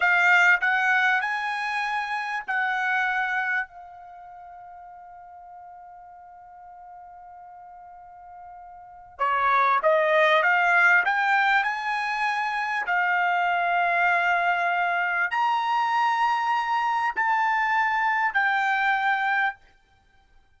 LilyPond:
\new Staff \with { instrumentName = "trumpet" } { \time 4/4 \tempo 4 = 98 f''4 fis''4 gis''2 | fis''2 f''2~ | f''1~ | f''2. cis''4 |
dis''4 f''4 g''4 gis''4~ | gis''4 f''2.~ | f''4 ais''2. | a''2 g''2 | }